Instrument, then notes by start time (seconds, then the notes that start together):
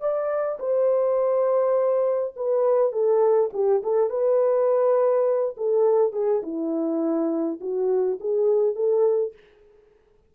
horn
0.00 D5
0.59 C5
2.36 B4
2.92 A4
3.53 G4
3.83 A4
4.10 B4
5.57 A4
6.13 G#4
6.43 E4
7.60 F#4
8.20 G#4
8.75 A4